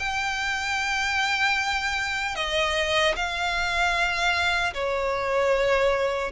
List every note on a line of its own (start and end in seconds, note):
0.00 2.36 G5
2.36 3.15 D#5
3.16 4.74 F5
4.74 6.32 C#5